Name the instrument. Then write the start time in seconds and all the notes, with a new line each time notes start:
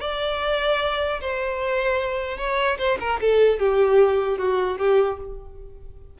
violin
0.00 D5
1.21 C5
2.37 C#5
2.78 C5
3.00 A#4
3.21 A4
3.59 G4
4.38 F#4
4.78 G4